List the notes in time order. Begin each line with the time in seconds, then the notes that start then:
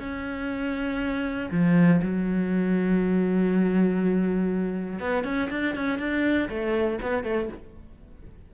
0.00 C#4
1.52 F3
2.02 F#3
5.00 B3
5.25 C#4
5.51 D4
5.76 C#4
5.99 D4
6.50 A3
7.02 B3
7.24 A3